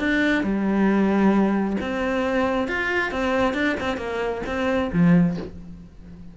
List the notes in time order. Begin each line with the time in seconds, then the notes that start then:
0.00 D4
0.44 G3
1.81 C4
2.68 F4
3.12 C4
3.54 D4
3.81 C4
3.98 A#3
4.47 C4
4.93 F3